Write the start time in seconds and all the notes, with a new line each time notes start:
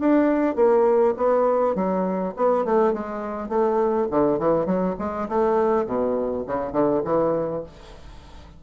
0.00 D4
0.56 A#3
1.17 B3
1.75 F#3
2.36 B3
2.65 A3
2.94 G#3
3.49 A3
4.11 D3
4.39 E3
4.66 F#3
4.99 G#3
5.29 A3
5.86 B2
6.47 C#3
6.72 D3
7.05 E3